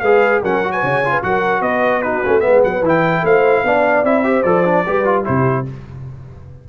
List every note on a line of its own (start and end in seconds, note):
0.00 0.42 G#3
0.00 0.44 G#4
0.00 0.42 B4
0.00 0.40 F5
0.42 0.83 F#3
0.42 0.64 C#4
0.42 0.72 A#4
0.42 0.72 F#5
0.64 1.04 F#4
0.72 0.83 B4
0.72 1.22 G#5
0.83 1.23 C#3
0.83 1.11 C#5
1.05 1.23 F4
1.11 1.21 B4
1.23 1.61 F#3
1.23 2.04 F#4
1.23 1.62 A#4
1.23 1.62 F#5
1.61 2.22 B3
1.61 2.02 B4
1.61 2.02 D#5
2.02 2.24 D#4
2.02 2.42 F#4
2.02 2.40 B4
2.25 2.46 A3
2.25 2.40 C#4
2.40 2.81 B3
2.40 3.23 B4
2.40 2.60 E5
2.47 2.64 G#3
2.64 2.82 F#3
2.64 2.84 F#5
2.82 3.22 E3
2.82 3.66 E4
2.88 3.26 G5
3.23 3.63 A3
3.23 3.65 C5
3.23 4.05 F5
3.64 4.03 B3
3.64 4.05 D4
3.64 4.27 D5
4.03 4.44 C4
4.03 4.24 E4
4.03 4.43 E5
4.24 4.44 G4
4.24 4.86 C5
4.43 4.85 F3
4.43 4.65 A4
4.43 5.23 D5
4.65 4.85 D4
4.86 5.28 G3
4.86 5.05 G4
4.86 5.26 B4
5.05 5.24 F4
5.24 5.69 C3
5.24 5.65 E4
5.24 5.66 G4
5.24 5.66 C5